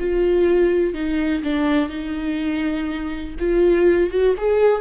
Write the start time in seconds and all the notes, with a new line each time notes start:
0.00 F4
0.94 D#4
1.43 D4
1.89 D#4
3.39 F4
4.10 F#4
4.38 G#4